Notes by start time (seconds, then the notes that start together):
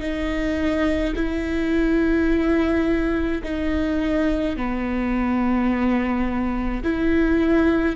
0.00 D#4
1.15 E4
3.43 D#4
4.56 B3
6.83 E4